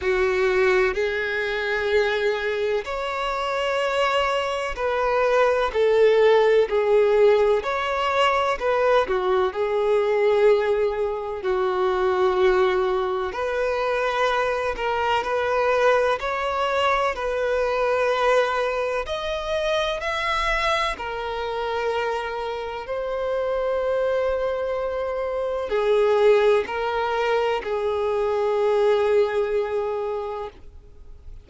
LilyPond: \new Staff \with { instrumentName = "violin" } { \time 4/4 \tempo 4 = 63 fis'4 gis'2 cis''4~ | cis''4 b'4 a'4 gis'4 | cis''4 b'8 fis'8 gis'2 | fis'2 b'4. ais'8 |
b'4 cis''4 b'2 | dis''4 e''4 ais'2 | c''2. gis'4 | ais'4 gis'2. | }